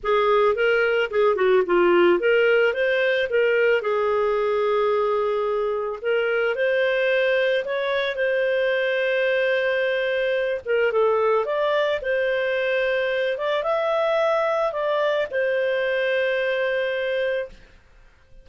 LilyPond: \new Staff \with { instrumentName = "clarinet" } { \time 4/4 \tempo 4 = 110 gis'4 ais'4 gis'8 fis'8 f'4 | ais'4 c''4 ais'4 gis'4~ | gis'2. ais'4 | c''2 cis''4 c''4~ |
c''2.~ c''8 ais'8 | a'4 d''4 c''2~ | c''8 d''8 e''2 d''4 | c''1 | }